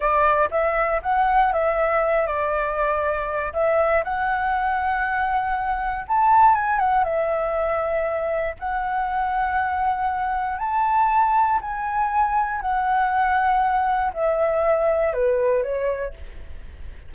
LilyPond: \new Staff \with { instrumentName = "flute" } { \time 4/4 \tempo 4 = 119 d''4 e''4 fis''4 e''4~ | e''8 d''2~ d''8 e''4 | fis''1 | a''4 gis''8 fis''8 e''2~ |
e''4 fis''2.~ | fis''4 a''2 gis''4~ | gis''4 fis''2. | e''2 b'4 cis''4 | }